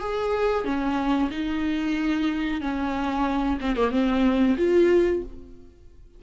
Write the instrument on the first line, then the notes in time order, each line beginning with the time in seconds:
viola
0.00 G#4
0.65 C#4
1.31 D#4
2.61 C#4
3.60 C4
3.76 A#3
3.91 C4
4.57 F4